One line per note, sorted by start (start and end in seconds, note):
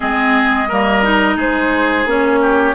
0.00 0.71 G#3
0.00 0.68 C4
0.00 0.68 G#4
0.00 1.38 D#5
0.68 1.36 G3
0.68 1.02 A#3
0.68 1.36 A#4
1.02 2.06 D#4
1.36 2.05 G#3
1.36 2.39 G#4
1.36 2.08 C5
2.05 2.74 A#3
2.05 2.74 C#4
2.05 2.74 C#5
2.41 2.74 G4